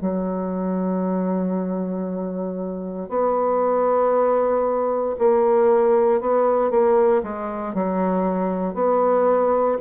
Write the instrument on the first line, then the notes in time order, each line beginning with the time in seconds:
bassoon
0.00 F#3
3.09 B3
5.19 A#3
6.20 B3
6.70 A#3
7.23 G#3
7.74 F#3
8.74 B3